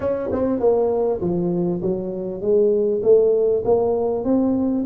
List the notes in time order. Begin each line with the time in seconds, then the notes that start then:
0.00 C#4
0.32 C4
0.59 A#3
1.20 F3
1.82 F#3
2.41 G#3
3.02 A3
3.64 A#3
4.24 C4